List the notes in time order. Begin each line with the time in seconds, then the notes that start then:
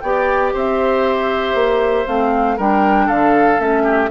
0.00 B3 G4 D5 G5
0.53 C4 C5 E5
1.54 A#3
2.06 A3 C4 F5
2.57 G3 D4 A#4 G5
3.06 D3 A4 F5
3.58 A3 C#4 E5
3.83 G4